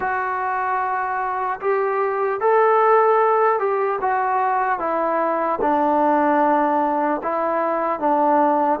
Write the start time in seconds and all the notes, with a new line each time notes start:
0.00 F#4
1.60 G4
2.40 A4
3.59 G4
4.01 F#4
4.79 E4
5.61 D4
7.22 E4
7.99 D4